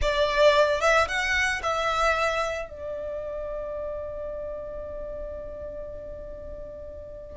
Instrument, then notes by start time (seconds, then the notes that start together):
violin
0.01 D5
0.80 E5
1.08 F#5
1.62 E5
2.69 D5